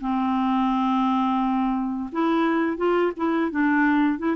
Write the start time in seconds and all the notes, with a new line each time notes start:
0.00 C4
2.12 E4
2.77 F4
3.16 E4
3.51 D4
4.18 E4